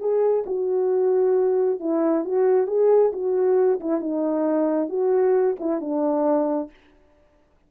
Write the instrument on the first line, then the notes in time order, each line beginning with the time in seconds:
horn
0.00 G#4
0.46 F#4
1.80 E4
2.25 F#4
2.67 G#4
3.13 F#4
3.81 E4
4.01 D#4
4.89 F#4
5.60 E4
5.81 D4